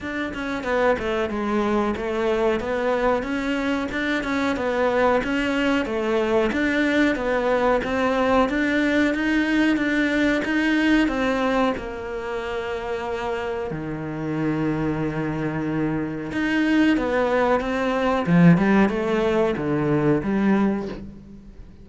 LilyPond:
\new Staff \with { instrumentName = "cello" } { \time 4/4 \tempo 4 = 92 d'8 cis'8 b8 a8 gis4 a4 | b4 cis'4 d'8 cis'8 b4 | cis'4 a4 d'4 b4 | c'4 d'4 dis'4 d'4 |
dis'4 c'4 ais2~ | ais4 dis2.~ | dis4 dis'4 b4 c'4 | f8 g8 a4 d4 g4 | }